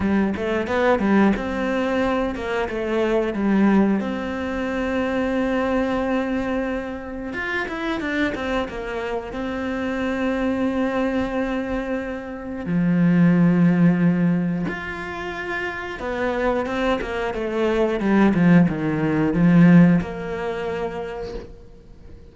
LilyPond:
\new Staff \with { instrumentName = "cello" } { \time 4/4 \tempo 4 = 90 g8 a8 b8 g8 c'4. ais8 | a4 g4 c'2~ | c'2. f'8 e'8 | d'8 c'8 ais4 c'2~ |
c'2. f4~ | f2 f'2 | b4 c'8 ais8 a4 g8 f8 | dis4 f4 ais2 | }